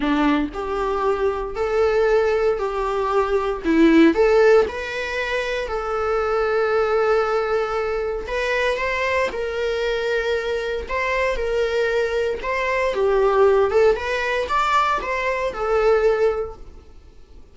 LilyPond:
\new Staff \with { instrumentName = "viola" } { \time 4/4 \tempo 4 = 116 d'4 g'2 a'4~ | a'4 g'2 e'4 | a'4 b'2 a'4~ | a'1 |
b'4 c''4 ais'2~ | ais'4 c''4 ais'2 | c''4 g'4. a'8 b'4 | d''4 c''4 a'2 | }